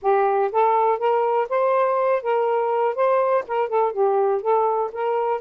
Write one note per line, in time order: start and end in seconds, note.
0.02 0.51 G4
0.52 0.98 A4
0.98 1.48 A#4
1.49 2.22 C5
2.22 2.95 A#4
2.95 3.44 C5
3.47 3.68 A#4
3.68 3.92 A4
3.92 4.41 G4
4.41 4.90 A4
4.92 5.40 A#4